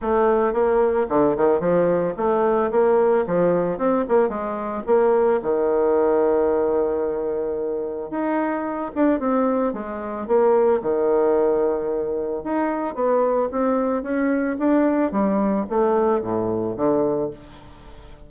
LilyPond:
\new Staff \with { instrumentName = "bassoon" } { \time 4/4 \tempo 4 = 111 a4 ais4 d8 dis8 f4 | a4 ais4 f4 c'8 ais8 | gis4 ais4 dis2~ | dis2. dis'4~ |
dis'8 d'8 c'4 gis4 ais4 | dis2. dis'4 | b4 c'4 cis'4 d'4 | g4 a4 a,4 d4 | }